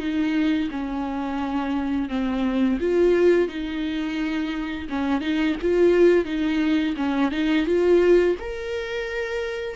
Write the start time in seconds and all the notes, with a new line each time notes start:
0.00 D#4
0.72 C#4
2.09 C4
2.81 F4
3.49 D#4
4.90 C#4
5.21 D#4
5.62 F4
6.26 D#4
6.97 C#4
7.32 D#4
7.66 F4
8.40 A#4